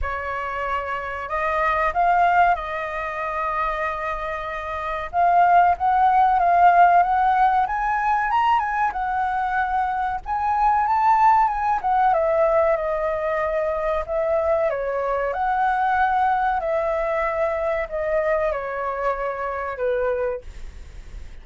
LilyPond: \new Staff \with { instrumentName = "flute" } { \time 4/4 \tempo 4 = 94 cis''2 dis''4 f''4 | dis''1 | f''4 fis''4 f''4 fis''4 | gis''4 ais''8 gis''8 fis''2 |
gis''4 a''4 gis''8 fis''8 e''4 | dis''2 e''4 cis''4 | fis''2 e''2 | dis''4 cis''2 b'4 | }